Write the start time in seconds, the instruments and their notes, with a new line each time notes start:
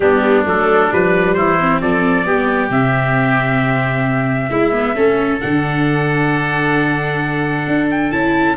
0.00 tuba G3, viola B3, oboe D4, trumpet G4
0.45 tuba F#3, viola A3, trumpet A4
0.90 tuba F3, viola G3, trumpet B4
1.34 tuba E3, oboe E4, trumpet C5
1.59 viola C4
1.81 tuba F3, oboe A4, trumpet D5
2.23 tuba G3, viola B3, oboe G4
2.70 tuba C3, viola C4, trumpet E5
4.49 tuba G#3, oboe E4, viola E4
4.72 viola B3
4.95 tuba A3, viola C#4, oboe A4
5.40 tuba D3, viola D4, trumpet F#5
7.67 tuba D4
7.90 trumpet G5
8.11 tuba C#4, viola E4, trumpet A5